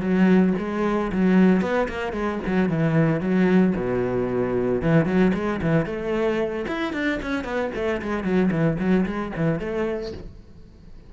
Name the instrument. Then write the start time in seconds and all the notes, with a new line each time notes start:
cello
0.00 F#3
0.58 G#3
1.12 F#3
1.61 B3
1.88 A#3
2.12 G#3
2.46 F#3
2.69 E3
3.20 F#3
3.76 B2
4.82 E3
5.05 F#3
5.34 G#3
5.62 E3
5.86 A3
6.67 E4
6.92 D4
7.22 C#4
7.44 B3
7.75 A3
8.02 G#3
8.23 F#3
8.51 E3
8.79 F#3
9.06 G#3
9.36 E3
9.59 A3